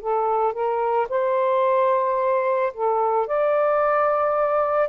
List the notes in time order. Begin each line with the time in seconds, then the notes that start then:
0.00 A4
0.53 A#4
1.09 C5
2.73 A4
3.27 D5